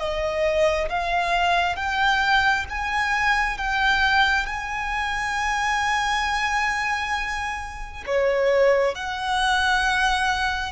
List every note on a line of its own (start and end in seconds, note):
0.00 0.90 D#5
0.90 1.77 F5
1.77 2.66 G5
2.69 3.58 G#5
3.58 4.46 G5
4.46 8.04 G#5
8.07 8.96 C#5
8.96 10.73 F#5